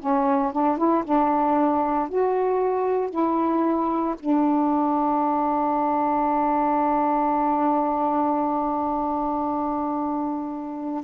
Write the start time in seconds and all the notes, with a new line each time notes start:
0.00 C#4
0.53 D4
0.78 E4
1.05 D4
2.09 F#4
3.10 E4
4.20 D4